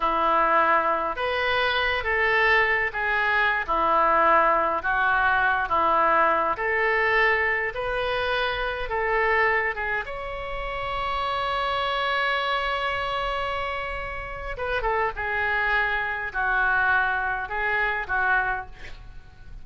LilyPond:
\new Staff \with { instrumentName = "oboe" } { \time 4/4 \tempo 4 = 103 e'2 b'4. a'8~ | a'4 gis'4~ gis'16 e'4.~ e'16~ | e'16 fis'4. e'4. a'8.~ | a'4~ a'16 b'2 a'8.~ |
a'8. gis'8 cis''2~ cis''8.~ | cis''1~ | cis''4 b'8 a'8 gis'2 | fis'2 gis'4 fis'4 | }